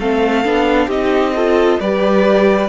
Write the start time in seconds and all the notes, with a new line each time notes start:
0.00 A3 C4 A4 F5
0.45 B3 D4
0.88 C4 D#4 G4 D#5
1.36 F4 A4
1.80 G3 G4 B4 D5